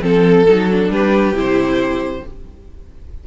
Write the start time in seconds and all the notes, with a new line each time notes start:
0.00 F3 C4 A4
0.48 F#3 D#4
0.70 D4
0.89 G3 G4 B4
1.32 C3 E4 C5